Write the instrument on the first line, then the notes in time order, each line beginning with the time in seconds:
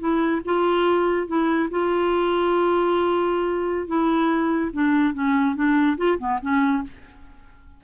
clarinet
0.00 E4
0.46 F4
1.28 E4
1.71 F4
3.88 E4
4.73 D4
5.15 C#4
5.56 D4
5.98 F4
6.19 B3
6.42 C#4